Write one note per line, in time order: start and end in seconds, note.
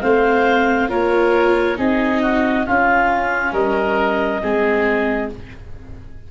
0.00 0.90 A3
0.00 0.88 C4
0.00 0.89 C5
0.00 0.89 F5
0.88 1.78 A#3
0.88 1.76 F4
0.88 1.77 A#4
0.88 1.78 C#5
1.76 2.66 C4
1.76 2.64 D#4
1.76 2.22 G#4
1.76 2.67 D#5
2.22 2.66 F#4
2.65 4.41 C#4
2.65 3.52 C#4
2.65 3.52 F4
2.65 3.53 F5
3.52 4.40 G3
3.52 4.40 A#4
3.52 5.29 D#5
4.41 5.30 G#3
4.41 5.29 C4
4.41 5.31 G#4